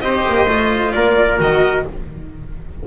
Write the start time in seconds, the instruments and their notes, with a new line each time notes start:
0.00 double bass C4, cello G4, trumpet C5, violin D#5
0.28 double bass A#3
0.48 double bass A3, cello F4
0.92 double bass A#3, trumpet A#4, violin D5
1.38 double bass D#3, cello F#4, violin D#5